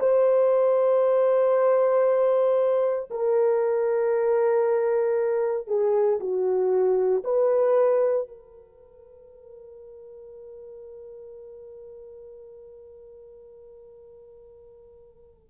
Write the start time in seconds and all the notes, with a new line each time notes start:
0.00 C5
3.10 A#4
5.68 G#4
6.20 F#4
7.24 B4
8.28 A#4